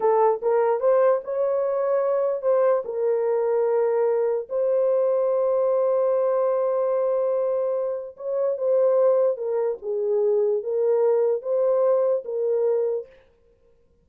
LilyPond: \new Staff \with { instrumentName = "horn" } { \time 4/4 \tempo 4 = 147 a'4 ais'4 c''4 cis''4~ | cis''2 c''4 ais'4~ | ais'2. c''4~ | c''1~ |
c''1 | cis''4 c''2 ais'4 | gis'2 ais'2 | c''2 ais'2 | }